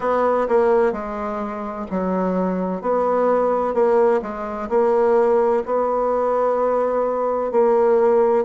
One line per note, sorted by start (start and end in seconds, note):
0.00 0.47 B3
0.48 0.92 A#3
0.92 1.86 G#3
1.90 2.81 F#3
2.81 3.73 B3
3.73 4.20 A#3
4.22 4.69 G#3
4.69 5.62 A#3
5.65 7.51 B3
7.51 8.44 A#3